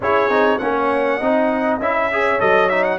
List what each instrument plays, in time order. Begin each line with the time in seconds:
0.00 tuba C#4, trombone E4, horn G#4, trumpet C#5
0.28 tuba C4, trombone D#4
0.58 tuba A#3, trombone C#4, horn C#5, trumpet F#5
1.16 tuba C4, trombone D#4, horn D#5
1.79 tuba C#4, trombone E4, trumpet E5
2.11 trombone G#4, horn C#5
2.39 tuba F#3, trombone A4, trumpet D#5
2.69 trombone D#4, trumpet E5
2.83 trumpet F#5